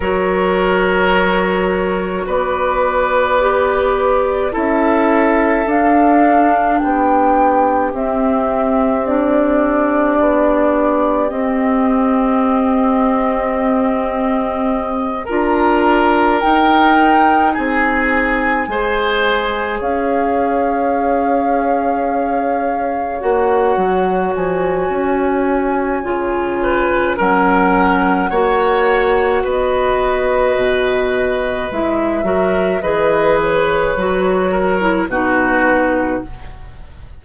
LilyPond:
<<
  \new Staff \with { instrumentName = "flute" } { \time 4/4 \tempo 4 = 53 cis''2 d''2 | e''4 f''4 g''4 e''4 | d''2 dis''2~ | dis''4. ais''4 g''4 gis''8~ |
gis''4. f''2~ f''8~ | f''8 fis''4 gis''2~ gis''8 | fis''2 dis''2 | e''4 dis''8 cis''4. b'4 | }
  \new Staff \with { instrumentName = "oboe" } { \time 4/4 ais'2 b'2 | a'2 g'2~ | g'1~ | g'4. ais'2 gis'8~ |
gis'8 c''4 cis''2~ cis''8~ | cis''2.~ cis''8 b'8 | ais'4 cis''4 b'2~ | b'8 ais'8 b'4. ais'8 fis'4 | }
  \new Staff \with { instrumentName = "clarinet" } { \time 4/4 fis'2. g'4 | e'4 d'2 c'4 | d'2 c'2~ | c'4. f'4 dis'4.~ |
dis'8 gis'2.~ gis'8~ | gis'8 fis'2~ fis'8 f'4 | cis'4 fis'2. | e'8 fis'8 gis'4 fis'8. e'16 dis'4 | }
  \new Staff \with { instrumentName = "bassoon" } { \time 4/4 fis2 b2 | cis'4 d'4 b4 c'4~ | c'4 b4 c'2~ | c'4. d'4 dis'4 c'8~ |
c'8 gis4 cis'2~ cis'8~ | cis'8 ais8 fis8 f8 cis'4 cis4 | fis4 ais4 b4 b,4 | gis8 fis8 e4 fis4 b,4 | }
>>